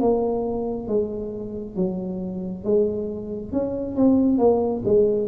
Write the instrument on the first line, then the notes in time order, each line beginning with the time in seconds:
tuba
0.00 A#3
0.87 G#3
1.76 F#3
2.64 G#3
3.52 C#4
3.95 C4
4.38 A#3
4.85 G#3